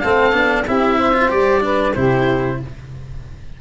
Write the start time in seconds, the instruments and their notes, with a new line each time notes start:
0.00 tuba A3, cello C4, saxophone A4, oboe F5
0.33 tuba B3, cello D4
0.67 tuba C4, cello E4, saxophone G4, oboe E5
0.98 saxophone C5
1.14 cello F4
1.29 tuba G3, cello G4, oboe D5
1.61 cello D4, saxophone B4
1.95 tuba C3, cello E4, saxophone G4, oboe C5